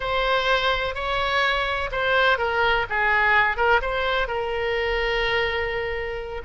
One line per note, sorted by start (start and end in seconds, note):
0.00 0.95 C5
0.95 1.90 C#5
1.91 2.38 C5
2.38 2.85 A#4
2.89 3.56 G#4
3.56 3.80 A#4
3.81 4.27 C5
4.27 6.41 A#4